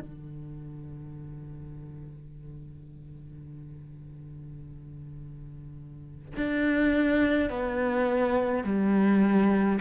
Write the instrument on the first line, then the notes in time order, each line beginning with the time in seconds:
cello
0.00 D3
6.37 D4
7.50 B3
8.64 G3